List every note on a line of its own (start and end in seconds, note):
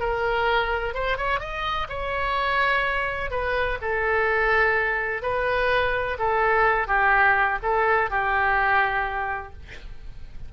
0.00 0.94 A#4
0.94 1.18 C5
1.18 1.40 C#5
1.40 1.87 D#5
1.89 3.31 C#5
3.31 3.79 B4
3.81 5.22 A4
5.22 6.18 B4
6.19 6.87 A4
6.87 7.59 G4
7.63 8.10 A4
8.10 9.53 G4